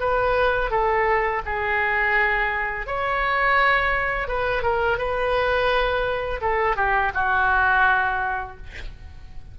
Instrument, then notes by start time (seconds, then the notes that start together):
oboe
0.00 B4
0.71 A4
1.46 G#4
2.87 C#5
4.28 B4
4.63 A#4
4.98 B4
6.41 A4
6.77 G4
7.15 F#4